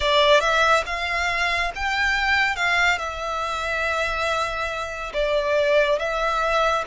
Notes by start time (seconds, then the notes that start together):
0.00 D5
0.40 E5
0.86 F5
1.75 G5
2.56 F5
2.98 E5
5.13 D5
5.98 E5